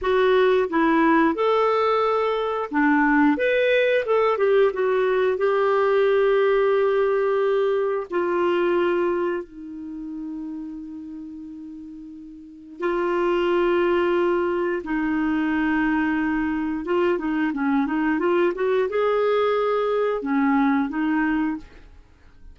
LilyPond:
\new Staff \with { instrumentName = "clarinet" } { \time 4/4 \tempo 4 = 89 fis'4 e'4 a'2 | d'4 b'4 a'8 g'8 fis'4 | g'1 | f'2 dis'2~ |
dis'2. f'4~ | f'2 dis'2~ | dis'4 f'8 dis'8 cis'8 dis'8 f'8 fis'8 | gis'2 cis'4 dis'4 | }